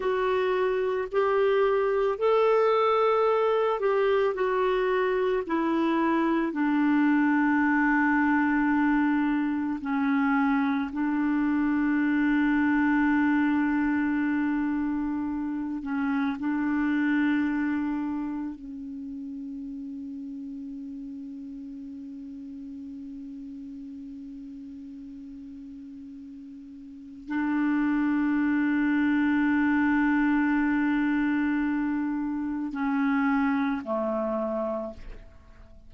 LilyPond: \new Staff \with { instrumentName = "clarinet" } { \time 4/4 \tempo 4 = 55 fis'4 g'4 a'4. g'8 | fis'4 e'4 d'2~ | d'4 cis'4 d'2~ | d'2~ d'8 cis'8 d'4~ |
d'4 cis'2.~ | cis'1~ | cis'4 d'2.~ | d'2 cis'4 a4 | }